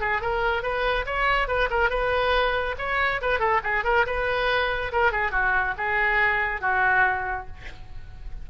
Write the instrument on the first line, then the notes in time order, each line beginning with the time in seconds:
oboe
0.00 G#4
0.21 A#4
0.63 B4
1.06 C#5
1.47 B4
1.70 A#4
1.90 B4
2.78 C#5
3.21 B4
3.39 A4
3.63 G#4
3.84 A#4
4.06 B4
4.92 A#4
5.12 G#4
5.31 F#4
5.77 G#4
6.61 F#4